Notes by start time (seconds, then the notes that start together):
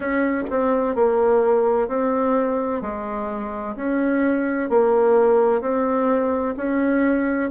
0.00 C#4
0.49 C4
0.95 A#3
1.87 C4
2.81 G#3
3.76 C#4
4.69 A#3
5.61 C4
6.56 C#4